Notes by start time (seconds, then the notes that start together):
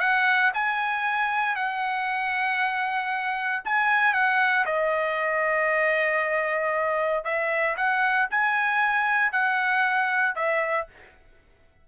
0.00 F#5
0.54 G#5
1.55 F#5
3.65 G#5
4.14 F#5
4.66 D#5
7.24 E5
7.77 F#5
8.30 G#5
9.32 F#5
10.35 E5